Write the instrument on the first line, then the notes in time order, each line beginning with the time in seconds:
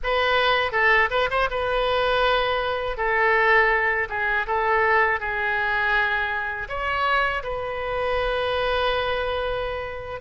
oboe
0.03 B4
0.72 A4
1.10 B4
1.30 C5
1.50 B4
2.97 A4
4.09 G#4
4.46 A4
5.20 G#4
6.68 C#5
7.43 B4